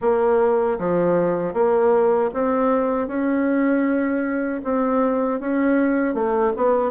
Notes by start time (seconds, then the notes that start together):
0.01 A#3
0.78 F3
1.53 A#3
2.33 C4
3.07 C#4
4.64 C4
5.40 C#4
6.14 A3
6.56 B3